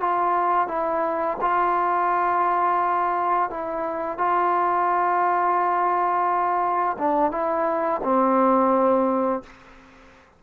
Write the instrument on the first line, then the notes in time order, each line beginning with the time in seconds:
trombone
0.00 F4
0.68 E4
1.41 F4
3.50 E4
4.18 F4
6.98 D4
7.31 E4
8.04 C4